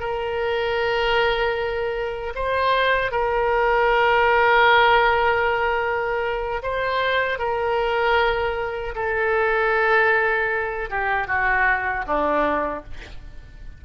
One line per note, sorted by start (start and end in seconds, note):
0.00 2.34 A#4
2.36 3.12 C5
3.12 6.62 A#4
6.63 7.39 C5
7.39 8.95 A#4
8.95 10.90 A4
10.90 11.28 G4
11.28 12.06 F#4
12.06 12.84 D4